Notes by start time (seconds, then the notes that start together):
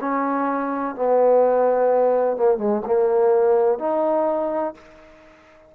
0.00 C#4
0.95 B3
2.36 A#3
2.57 G#3
2.85 A#3
3.78 D#4